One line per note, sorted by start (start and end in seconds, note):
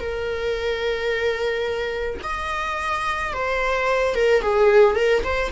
0.00 2.20 A#4
2.23 3.33 D#5
3.33 4.15 C5
4.15 4.42 A#4
4.42 4.96 G#4
4.96 5.23 A#4
5.24 5.51 C5